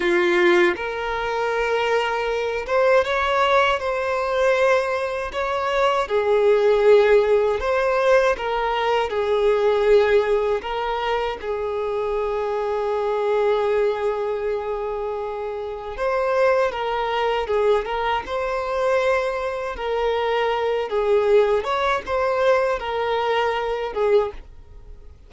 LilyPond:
\new Staff \with { instrumentName = "violin" } { \time 4/4 \tempo 4 = 79 f'4 ais'2~ ais'8 c''8 | cis''4 c''2 cis''4 | gis'2 c''4 ais'4 | gis'2 ais'4 gis'4~ |
gis'1~ | gis'4 c''4 ais'4 gis'8 ais'8 | c''2 ais'4. gis'8~ | gis'8 cis''8 c''4 ais'4. gis'8 | }